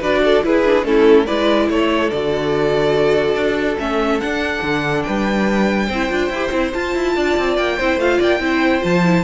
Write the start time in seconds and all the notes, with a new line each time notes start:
0.00 D4 F#4 B4 D5
0.24 A4
0.43 E4 G#4 B4
0.65 D4
0.83 A3 C#4 E4 A4
1.25 G#3 E4 B4 D5
1.69 A3 A4 C#5
2.10 D3 F#4 D5
3.35 D4
3.78 A3 C#4 E5
4.20 D4 F#5
4.62 D3
5.02 G3 B4 G5
5.86 C4 C5
5.94 E4
6.09 D4 F4
6.29 E4 G4
6.51 C4 E4
6.73 F4 A5
6.95 E4
7.16 D4 D5
7.37 C4
7.57 A#3 G5
7.77 C4 E4 C5
7.97 A3 F4 F5
8.17 A#3 D5 G5
8.39 C4 E4 C5
8.81 F3 F4 A5
9.04 E4